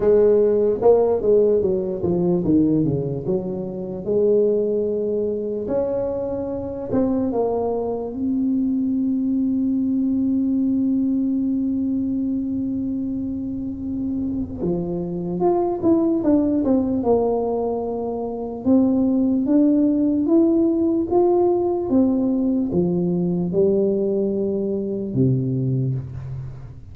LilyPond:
\new Staff \with { instrumentName = "tuba" } { \time 4/4 \tempo 4 = 74 gis4 ais8 gis8 fis8 f8 dis8 cis8 | fis4 gis2 cis'4~ | cis'8 c'8 ais4 c'2~ | c'1~ |
c'2 f4 f'8 e'8 | d'8 c'8 ais2 c'4 | d'4 e'4 f'4 c'4 | f4 g2 c4 | }